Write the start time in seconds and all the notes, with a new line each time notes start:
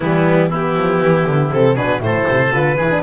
0.00 E3 G3 B3 E4
0.49 B3 E4 G4
0.76 F3
1.00 E3
1.27 D3
1.52 C3 C4 A4
1.75 B2 D4 G#4 B4
1.99 A2 E4 A4 C5
2.27 C3
2.52 D3 F4 B4
2.75 E3 E4 G#4
2.90 D4